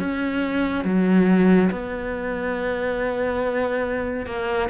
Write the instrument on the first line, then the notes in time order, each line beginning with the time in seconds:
cello
0.00 C#4
0.85 F#3
1.71 B3
4.27 A#3